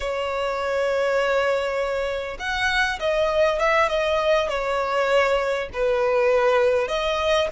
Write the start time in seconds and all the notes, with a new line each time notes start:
0.00 C#5
2.39 F#5
2.99 D#5
3.59 E5
3.88 D#5
4.48 C#5
5.73 B4
6.88 D#5